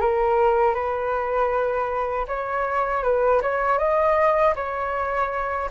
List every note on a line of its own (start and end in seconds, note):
0.00 0.74 A#4
0.74 2.26 B4
2.28 3.03 C#5
3.03 3.41 B4
3.41 3.78 C#5
3.78 4.54 D#5
4.55 5.69 C#5